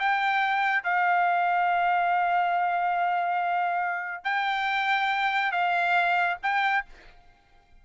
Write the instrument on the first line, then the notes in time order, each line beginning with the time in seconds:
trumpet
0.00 G5
0.84 F5
4.25 G5
5.52 F5
6.43 G5